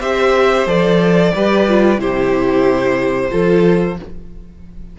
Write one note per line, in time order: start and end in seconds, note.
0.00 0.66 C4
0.00 0.67 G4
0.00 1.32 C5
0.00 0.67 E5
0.66 1.32 F3
0.66 1.33 A4
0.66 2.00 D5
1.35 1.98 G3
1.35 1.68 G4
1.35 2.01 B4
1.68 1.99 F4
1.98 3.30 C3
1.98 3.30 E4
1.98 3.31 G4
1.98 3.98 C5
3.30 3.99 F3
3.30 3.96 F4
3.30 3.97 A4